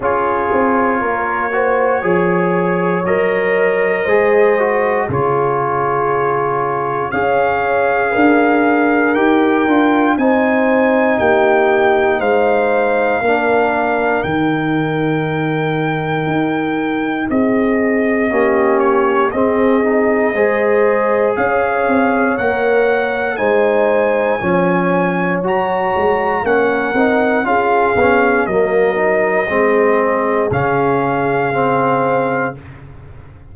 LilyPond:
<<
  \new Staff \with { instrumentName = "trumpet" } { \time 4/4 \tempo 4 = 59 cis''2. dis''4~ | dis''4 cis''2 f''4~ | f''4 g''4 gis''4 g''4 | f''2 g''2~ |
g''4 dis''4. cis''8 dis''4~ | dis''4 f''4 fis''4 gis''4~ | gis''4 ais''4 fis''4 f''4 | dis''2 f''2 | }
  \new Staff \with { instrumentName = "horn" } { \time 4/4 gis'4 ais'8 c''8 cis''2 | c''4 gis'2 cis''4 | ais'2 c''4 g'4 | c''4 ais'2.~ |
ais'4 gis'4 g'4 gis'4 | c''4 cis''2 c''4 | cis''2 ais'4 gis'4 | ais'4 gis'2. | }
  \new Staff \with { instrumentName = "trombone" } { \time 4/4 f'4. fis'8 gis'4 ais'4 | gis'8 fis'8 f'2 gis'4~ | gis'4 g'8 f'8 dis'2~ | dis'4 d'4 dis'2~ |
dis'2 cis'4 c'8 dis'8 | gis'2 ais'4 dis'4 | cis'4 fis'4 cis'8 dis'8 f'8 cis'8 | ais8 dis'8 c'4 cis'4 c'4 | }
  \new Staff \with { instrumentName = "tuba" } { \time 4/4 cis'8 c'8 ais4 f4 fis4 | gis4 cis2 cis'4 | d'4 dis'8 d'8 c'4 ais4 | gis4 ais4 dis2 |
dis'4 c'4 ais4 c'4 | gis4 cis'8 c'8 ais4 gis4 | f4 fis8 gis8 ais8 c'8 cis'8 b8 | fis4 gis4 cis2 | }
>>